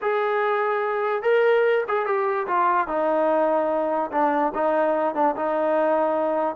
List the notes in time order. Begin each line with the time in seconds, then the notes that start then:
0.01 G#4
1.22 A#4
1.88 G#4
2.05 G4
2.47 F4
2.87 D#4
4.11 D4
4.54 D#4
5.14 D4
5.36 D#4